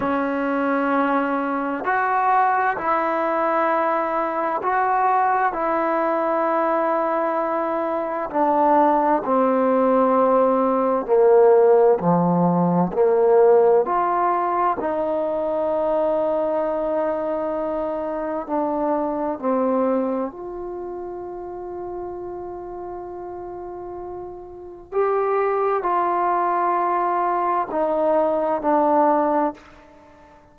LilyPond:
\new Staff \with { instrumentName = "trombone" } { \time 4/4 \tempo 4 = 65 cis'2 fis'4 e'4~ | e'4 fis'4 e'2~ | e'4 d'4 c'2 | ais4 f4 ais4 f'4 |
dis'1 | d'4 c'4 f'2~ | f'2. g'4 | f'2 dis'4 d'4 | }